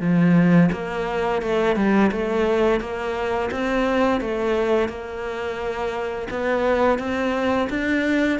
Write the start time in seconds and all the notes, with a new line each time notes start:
0.00 F3
0.72 A#3
1.42 A3
1.76 G3
2.11 A3
2.80 A#3
3.51 C4
4.21 A3
4.88 A#3
6.30 B3
6.99 C4
7.69 D4